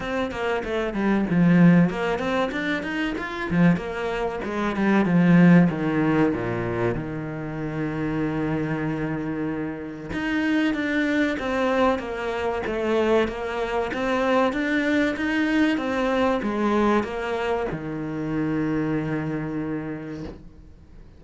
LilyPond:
\new Staff \with { instrumentName = "cello" } { \time 4/4 \tempo 4 = 95 c'8 ais8 a8 g8 f4 ais8 c'8 | d'8 dis'8 f'8 f8 ais4 gis8 g8 | f4 dis4 ais,4 dis4~ | dis1 |
dis'4 d'4 c'4 ais4 | a4 ais4 c'4 d'4 | dis'4 c'4 gis4 ais4 | dis1 | }